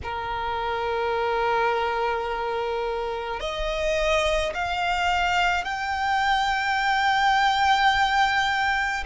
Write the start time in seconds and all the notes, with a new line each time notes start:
0.03 A#4
3.40 D#5
4.54 F5
5.64 G5